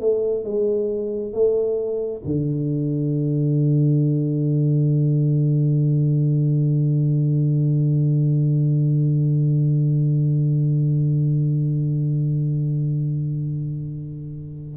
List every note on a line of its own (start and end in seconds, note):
0.00 0.44 A3
0.44 1.32 G#3
1.32 2.22 A3
2.25 14.77 D3